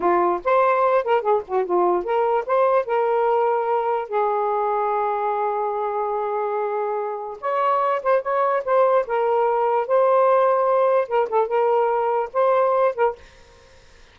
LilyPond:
\new Staff \with { instrumentName = "saxophone" } { \time 4/4 \tempo 4 = 146 f'4 c''4. ais'8 gis'8 fis'8 | f'4 ais'4 c''4 ais'4~ | ais'2 gis'2~ | gis'1~ |
gis'2 cis''4. c''8 | cis''4 c''4 ais'2 | c''2. ais'8 a'8 | ais'2 c''4. ais'8 | }